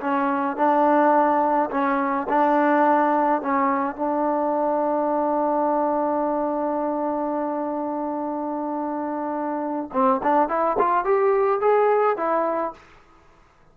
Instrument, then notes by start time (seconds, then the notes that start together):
trombone
0.00 C#4
0.56 D4
1.70 C#4
2.28 D4
3.41 C#4
3.95 D4
9.92 C4
10.22 D4
10.48 E4
10.78 F4
11.04 G4
11.60 G#4
12.16 E4